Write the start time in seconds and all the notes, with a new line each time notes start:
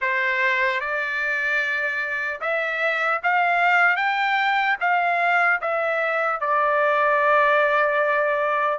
0.01 C5
0.80 D5
2.40 E5
3.23 F5
3.96 G5
4.80 F5
5.61 E5
6.40 D5